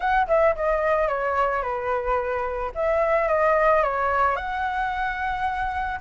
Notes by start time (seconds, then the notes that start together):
0.00 F#5
0.27 E5
0.55 D#5
1.08 C#5
1.62 B4
2.74 E5
3.28 D#5
3.82 C#5
4.36 F#5